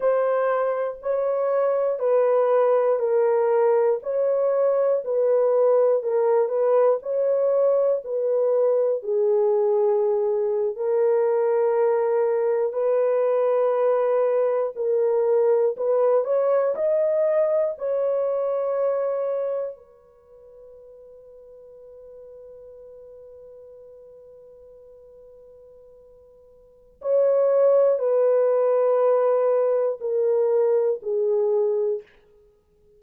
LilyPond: \new Staff \with { instrumentName = "horn" } { \time 4/4 \tempo 4 = 60 c''4 cis''4 b'4 ais'4 | cis''4 b'4 ais'8 b'8 cis''4 | b'4 gis'4.~ gis'16 ais'4~ ais'16~ | ais'8. b'2 ais'4 b'16~ |
b'16 cis''8 dis''4 cis''2 b'16~ | b'1~ | b'2. cis''4 | b'2 ais'4 gis'4 | }